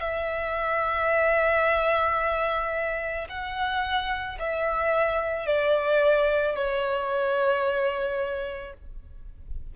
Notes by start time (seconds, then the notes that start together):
0.00 E5
3.29 F#5
4.39 E5
5.46 D5
6.55 C#5